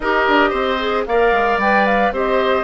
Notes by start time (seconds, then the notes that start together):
0.00 D#4 G4 A#4 D#5
0.27 D4
0.50 C4 C5
0.79 G#4
1.06 A#3 A#4 D5 F5
1.32 G#3
1.57 G3 B4 G5
1.86 F5
2.12 C4 G4 C5 D#5